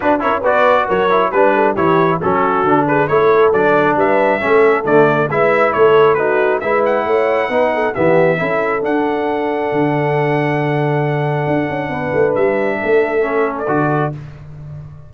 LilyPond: <<
  \new Staff \with { instrumentName = "trumpet" } { \time 4/4 \tempo 4 = 136 b'8 cis''8 d''4 cis''4 b'4 | cis''4 a'4. b'8 cis''4 | d''4 e''2 d''4 | e''4 cis''4 b'4 e''8 fis''8~ |
fis''2 e''2 | fis''1~ | fis''1 | e''2~ e''8. d''4~ d''16 | }
  \new Staff \with { instrumentName = "horn" } { \time 4/4 fis'8 ais'8 b'4 ais'4 b'8 a'8 | g'4 fis'4. gis'8 a'4~ | a'4 b'4 a'2 | b'4 a'4 fis'4 b'4 |
cis''4 b'8 a'8 g'4 a'4~ | a'1~ | a'2. b'4~ | b'4 a'2. | }
  \new Staff \with { instrumentName = "trombone" } { \time 4/4 d'8 e'8 fis'4. e'8 d'4 | e'4 cis'4 d'4 e'4 | d'2 cis'4 a4 | e'2 dis'4 e'4~ |
e'4 dis'4 b4 e'4 | d'1~ | d'1~ | d'2 cis'4 fis'4 | }
  \new Staff \with { instrumentName = "tuba" } { \time 4/4 d'8 cis'8 b4 fis4 g4 | e4 fis4 d4 a4 | fis4 g4 a4 d4 | gis4 a2 gis4 |
a4 b4 e4 cis'4 | d'2 d2~ | d2 d'8 cis'8 b8 a8 | g4 a2 d4 | }
>>